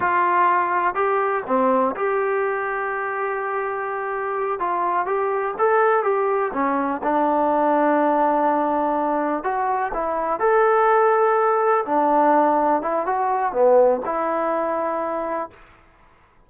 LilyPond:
\new Staff \with { instrumentName = "trombone" } { \time 4/4 \tempo 4 = 124 f'2 g'4 c'4 | g'1~ | g'4. f'4 g'4 a'8~ | a'8 g'4 cis'4 d'4.~ |
d'2.~ d'8 fis'8~ | fis'8 e'4 a'2~ a'8~ | a'8 d'2 e'8 fis'4 | b4 e'2. | }